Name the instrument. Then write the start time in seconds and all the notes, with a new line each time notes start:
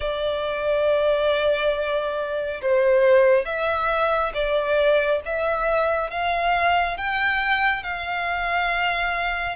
violin
0.00 D5
2.61 C5
3.45 E5
4.34 D5
5.25 E5
6.10 F5
6.97 G5
7.83 F5